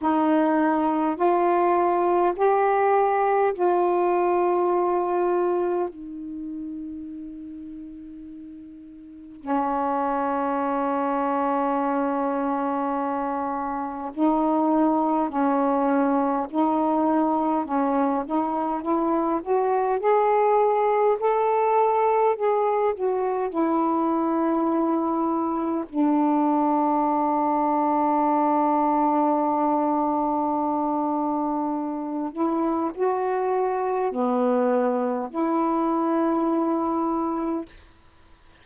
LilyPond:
\new Staff \with { instrumentName = "saxophone" } { \time 4/4 \tempo 4 = 51 dis'4 f'4 g'4 f'4~ | f'4 dis'2. | cis'1 | dis'4 cis'4 dis'4 cis'8 dis'8 |
e'8 fis'8 gis'4 a'4 gis'8 fis'8 | e'2 d'2~ | d'2.~ d'8 e'8 | fis'4 b4 e'2 | }